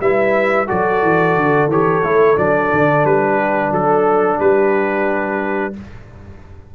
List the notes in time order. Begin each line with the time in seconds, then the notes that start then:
0.00 G3 E4 B4 E5
0.67 F#3 F#4 A4 D5
1.03 E3
1.36 D3
1.67 E3 G4 C#5
2.03 A3 E4
2.36 F#3 D4 D5
2.72 D3
3.04 G3 B4
3.36 G4
3.70 F#3 A4
4.39 G3 G4 B4